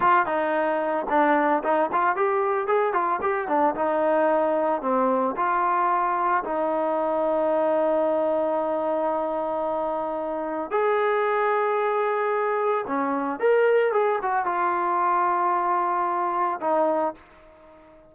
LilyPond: \new Staff \with { instrumentName = "trombone" } { \time 4/4 \tempo 4 = 112 f'8 dis'4. d'4 dis'8 f'8 | g'4 gis'8 f'8 g'8 d'8 dis'4~ | dis'4 c'4 f'2 | dis'1~ |
dis'1 | gis'1 | cis'4 ais'4 gis'8 fis'8 f'4~ | f'2. dis'4 | }